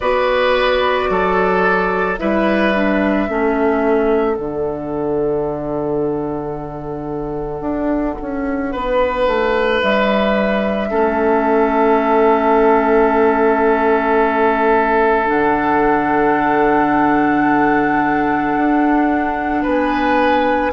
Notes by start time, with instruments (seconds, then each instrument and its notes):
0.00 bassoon B3, clarinet F#4, oboe B4, flute D5
1.09 bassoon F#3, oboe A4
2.18 bassoon G3, clarinet E4, oboe B4, flute E5
2.73 clarinet D4
3.28 bassoon A3, clarinet C#4, oboe A4
4.35 bassoon D3, clarinet D4, flute F#5
7.60 bassoon D4
8.21 bassoon C#4
8.72 bassoon B3, oboe B4
9.27 bassoon A3
9.82 bassoon G3, flute E5
10.90 bassoon A3, clarinet C#4, oboe A4
15.26 bassoon D3, clarinet D4, flute F#5
18.55 bassoon D4
19.62 bassoon B3, oboe B4, flute G#5